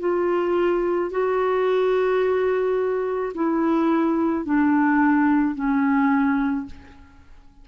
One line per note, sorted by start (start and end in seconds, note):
0.00 1.11 F4
1.11 3.33 F#4
3.34 4.45 E4
4.45 5.55 D4
5.55 6.66 C#4